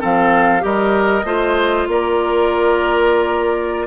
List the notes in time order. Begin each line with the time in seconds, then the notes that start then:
0.00 F3 C4 A4 F5
0.60 G3 G4 A#4 D#5
1.24 A3 F4 C5
1.88 A#3 A#4 D5